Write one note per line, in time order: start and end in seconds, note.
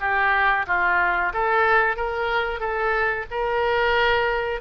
0.00 0.66 G4
0.67 1.33 F4
1.33 1.96 A4
1.96 2.60 A#4
2.60 3.26 A4
3.31 4.61 A#4